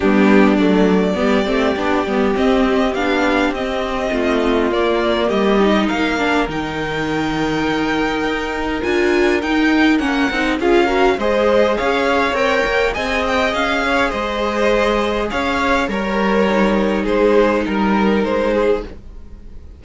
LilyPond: <<
  \new Staff \with { instrumentName = "violin" } { \time 4/4 \tempo 4 = 102 g'4 d''2. | dis''4 f''4 dis''2 | d''4 dis''4 f''4 g''4~ | g''2. gis''4 |
g''4 fis''4 f''4 dis''4 | f''4 g''4 gis''8 g''8 f''4 | dis''2 f''4 cis''4~ | cis''4 c''4 ais'4 c''4 | }
  \new Staff \with { instrumentName = "violin" } { \time 4/4 d'2 g'2~ | g'2. f'4~ | f'4 g'4 ais'2~ | ais'1~ |
ais'2 gis'8 ais'8 c''4 | cis''2 dis''4. cis''8 | c''2 cis''4 ais'4~ | ais'4 gis'4 ais'4. gis'8 | }
  \new Staff \with { instrumentName = "viola" } { \time 4/4 b4 a4 b8 c'8 d'8 b8 | c'4 d'4 c'2 | ais4. dis'4 d'8 dis'4~ | dis'2. f'4 |
dis'4 cis'8 dis'8 f'8 fis'8 gis'4~ | gis'4 ais'4 gis'2~ | gis'2. ais'4 | dis'1 | }
  \new Staff \with { instrumentName = "cello" } { \time 4/4 g4 fis4 g8 a8 b8 g8 | c'4 b4 c'4 a4 | ais4 g4 ais4 dis4~ | dis2 dis'4 d'4 |
dis'4 ais8 c'8 cis'4 gis4 | cis'4 c'8 ais8 c'4 cis'4 | gis2 cis'4 g4~ | g4 gis4 g4 gis4 | }
>>